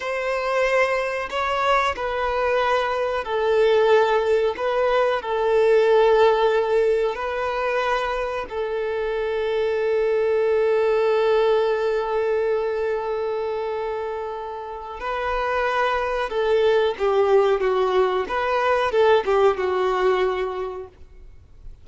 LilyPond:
\new Staff \with { instrumentName = "violin" } { \time 4/4 \tempo 4 = 92 c''2 cis''4 b'4~ | b'4 a'2 b'4 | a'2. b'4~ | b'4 a'2.~ |
a'1~ | a'2. b'4~ | b'4 a'4 g'4 fis'4 | b'4 a'8 g'8 fis'2 | }